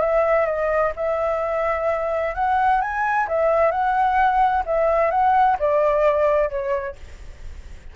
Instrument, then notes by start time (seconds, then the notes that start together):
flute
0.00 E5
0.46 D#5
0.96 E5
2.35 F#5
2.81 G#5
3.28 E5
3.71 F#5
4.66 E5
5.11 F#5
5.59 D5
6.49 C#5